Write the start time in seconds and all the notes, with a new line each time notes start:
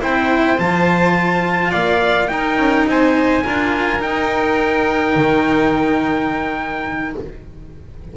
0.00 C4 E4 C5 G5
0.58 F3 F4 A5
1.71 A#3 D5 F5
2.29 D#4 A#4 G5
2.57 C#4
2.87 C4 C5 G#5
3.44 D4 F4 A#4
4.00 D#4 G5
5.16 D#3